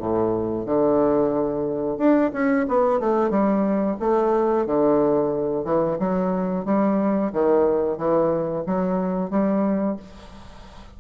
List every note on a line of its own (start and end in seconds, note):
0.00 0.66 A2
0.66 1.98 D3
1.98 2.31 D4
2.33 2.66 C#4
2.68 3.00 B3
3.00 3.30 A3
3.30 3.97 G3
4.00 4.66 A3
4.66 5.65 D3
5.65 5.98 E3
5.99 6.65 F#3
6.65 7.32 G3
7.33 7.98 D#3
7.98 8.64 E3
8.66 9.30 F#3
9.30 9.97 G3